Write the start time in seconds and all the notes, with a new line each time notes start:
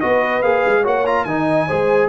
0.00 B3 F#4 B4 D#5
0.42 A#3 G#4 F5
0.66 G#3
0.81 A#3 F#4 C#5 F#5
1.06 F4 A#5
1.24 D#3 D#4 D#5 G#5
1.68 G#3 G#4 C5